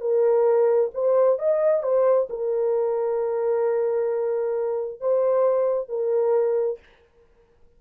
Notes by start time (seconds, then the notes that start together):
0.00 A#4
0.94 C5
1.39 D#5
1.83 C5
2.29 A#4
5.00 C5
5.89 A#4